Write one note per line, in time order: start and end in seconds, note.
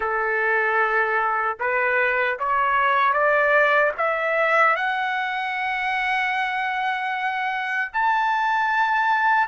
0.00 1.57 A4
1.59 2.38 B4
2.39 3.13 C#5
3.13 3.92 D5
3.97 4.75 E5
4.75 7.91 F#5
7.92 9.47 A5